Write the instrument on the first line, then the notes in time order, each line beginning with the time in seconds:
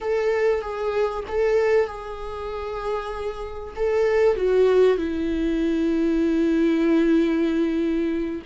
viola
0.00 A4
0.61 G#4
1.28 A4
1.86 G#4
3.76 A4
4.36 F#4
4.97 E4